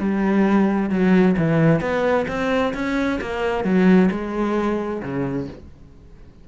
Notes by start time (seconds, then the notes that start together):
0.00 G3
0.90 F#3
1.38 E3
1.81 B3
2.28 C4
2.74 C#4
3.21 A#3
3.65 F#3
4.12 G#3
5.03 C#3